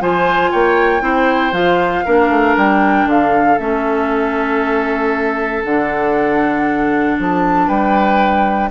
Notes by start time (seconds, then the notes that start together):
0.00 F3 F4 C5 G#5
0.51 A#3 C#5 G5
1.00 C4 E4 C5
1.52 F3 F4 F5
2.05 A#3 D4 A#4
2.29 A3
2.56 G3 G5
3.05 D3 A4 F5
3.58 A3 C#4 E5
5.64 D3 D4 F#5
7.18 F3 A5
7.66 G3 B4 G5